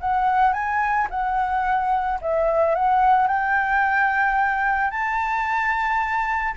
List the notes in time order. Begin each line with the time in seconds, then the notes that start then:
0.00 F#5
0.53 G#5
1.10 F#5
2.21 E5
2.75 F#5
3.27 G5
4.90 A5